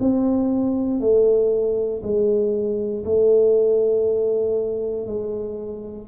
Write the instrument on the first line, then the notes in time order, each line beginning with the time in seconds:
tuba
0.00 C4
1.00 A3
2.02 G#3
3.05 A3
5.07 G#3